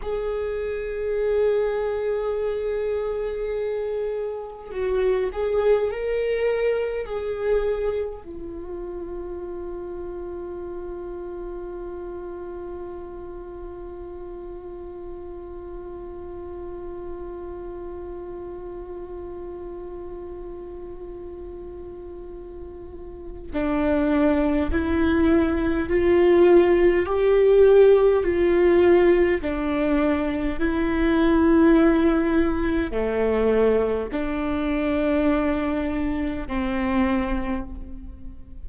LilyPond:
\new Staff \with { instrumentName = "viola" } { \time 4/4 \tempo 4 = 51 gis'1 | fis'8 gis'8 ais'4 gis'4 f'4~ | f'1~ | f'1~ |
f'1 | d'4 e'4 f'4 g'4 | f'4 d'4 e'2 | a4 d'2 c'4 | }